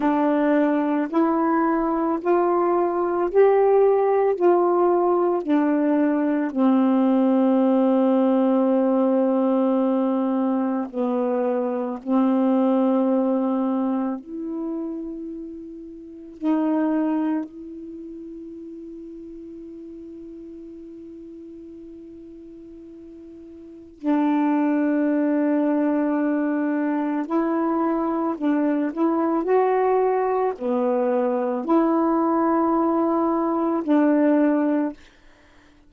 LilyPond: \new Staff \with { instrumentName = "saxophone" } { \time 4/4 \tempo 4 = 55 d'4 e'4 f'4 g'4 | f'4 d'4 c'2~ | c'2 b4 c'4~ | c'4 e'2 dis'4 |
e'1~ | e'2 d'2~ | d'4 e'4 d'8 e'8 fis'4 | b4 e'2 d'4 | }